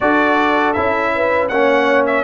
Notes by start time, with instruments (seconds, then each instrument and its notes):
0.00 tuba D4, trombone F#4, horn A4, trumpet D5
0.73 tuba C#4, trombone E4, trumpet E5
1.15 horn B4
1.48 tuba A#3, trombone C#4, horn C#5, trumpet F#5
2.06 trumpet E5